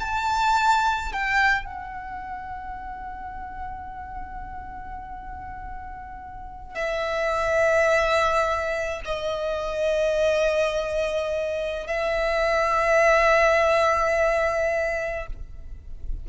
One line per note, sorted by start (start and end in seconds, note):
0.00 1.13 A5
1.13 1.66 G5
1.66 6.75 F#5
6.75 9.02 E5
9.05 11.87 D#5
11.87 15.27 E5